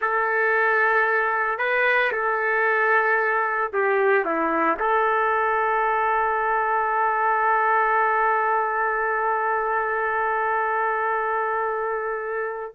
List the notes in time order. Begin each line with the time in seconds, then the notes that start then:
0.01 A4
1.58 B4
2.11 A4
3.72 G4
4.24 E4
4.79 A4